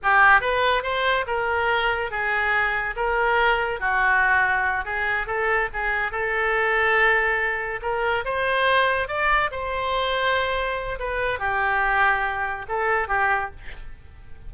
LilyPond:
\new Staff \with { instrumentName = "oboe" } { \time 4/4 \tempo 4 = 142 g'4 b'4 c''4 ais'4~ | ais'4 gis'2 ais'4~ | ais'4 fis'2~ fis'8 gis'8~ | gis'8 a'4 gis'4 a'4.~ |
a'2~ a'8 ais'4 c''8~ | c''4. d''4 c''4.~ | c''2 b'4 g'4~ | g'2 a'4 g'4 | }